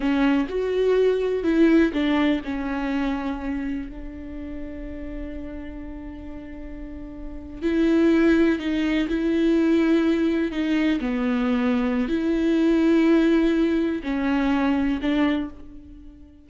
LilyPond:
\new Staff \with { instrumentName = "viola" } { \time 4/4 \tempo 4 = 124 cis'4 fis'2 e'4 | d'4 cis'2. | d'1~ | d'2.~ d'8. e'16~ |
e'4.~ e'16 dis'4 e'4~ e'16~ | e'4.~ e'16 dis'4 b4~ b16~ | b4 e'2.~ | e'4 cis'2 d'4 | }